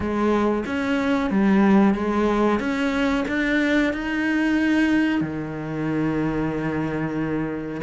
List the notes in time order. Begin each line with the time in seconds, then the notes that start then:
0.00 G#3
0.66 C#4
1.30 G3
1.94 G#3
2.59 C#4
3.28 D4
3.93 D#4
5.21 D#3